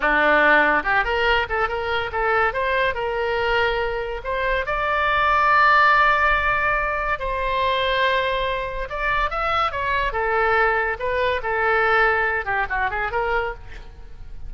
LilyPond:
\new Staff \with { instrumentName = "oboe" } { \time 4/4 \tempo 4 = 142 d'2 g'8 ais'4 a'8 | ais'4 a'4 c''4 ais'4~ | ais'2 c''4 d''4~ | d''1~ |
d''4 c''2.~ | c''4 d''4 e''4 cis''4 | a'2 b'4 a'4~ | a'4. g'8 fis'8 gis'8 ais'4 | }